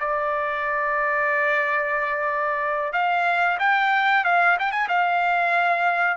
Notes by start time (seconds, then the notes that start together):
0.00 D5
2.93 F5
3.59 G5
4.25 F5
4.59 G5
4.72 G#5
4.89 F5